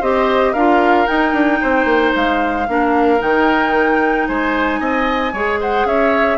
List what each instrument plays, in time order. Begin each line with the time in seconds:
0.00 bassoon C4, clarinet G4, oboe C5, flute D#5
0.53 bassoon D4, clarinet F4, oboe A#4, flute F5
1.06 clarinet D#4, bassoon D#4, flute G5
1.33 bassoon D4
1.61 bassoon C4, oboe C5
1.85 bassoon A#3
2.15 bassoon G#3, flute F5
2.68 bassoon A#3, clarinet D4, oboe A#4
3.19 bassoon D#3, clarinet D#4, flute G5
4.28 bassoon G#3, oboe C5, flute G#5
4.80 bassoon C4, oboe D#5
5.33 bassoon G#3, clarinet G#4, oboe C#5
5.60 oboe C5, flute F#5
5.85 bassoon C#4, oboe C#5, flute E5